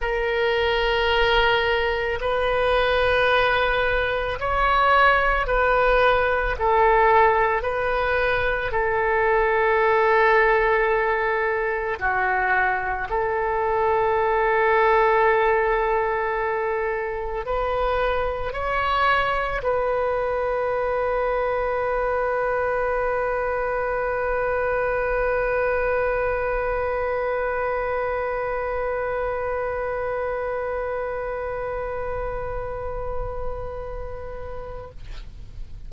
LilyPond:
\new Staff \with { instrumentName = "oboe" } { \time 4/4 \tempo 4 = 55 ais'2 b'2 | cis''4 b'4 a'4 b'4 | a'2. fis'4 | a'1 |
b'4 cis''4 b'2~ | b'1~ | b'1~ | b'1 | }